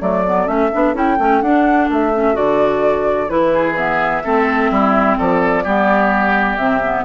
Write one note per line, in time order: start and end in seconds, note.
0.00 0.47 F#3
0.00 0.23 A3
0.00 3.52 A4
0.00 0.47 D5
0.27 0.46 B3
0.46 0.71 A3
0.46 0.70 C#4
0.46 0.94 E5
0.73 0.94 B3
0.73 0.94 D4
0.94 1.17 C#4
0.94 1.17 E4
0.94 1.42 G5
1.19 1.42 A3
1.19 1.43 C#4
1.42 1.89 D4
1.42 2.13 D4
1.42 1.89 F#5
1.89 2.36 A3
1.89 2.36 E5
2.13 2.34 C#4
2.34 3.29 D3
2.34 3.27 F#4
2.34 3.29 D5
3.29 4.23 E3
3.29 3.76 E4
3.29 3.76 B4
3.52 4.23 G#4
3.76 4.23 B3
3.76 5.17 E5
4.24 4.71 A3
4.24 5.65 C4
4.24 4.71 A4
4.71 5.18 G3
4.71 5.18 E4
5.18 5.65 F3
5.18 5.64 A4
5.18 6.57 D5
5.64 6.58 G3
5.64 6.58 B3
5.64 7.04 G4
6.57 7.04 C3
6.57 6.82 C4
6.57 7.04 E5
6.83 7.05 B3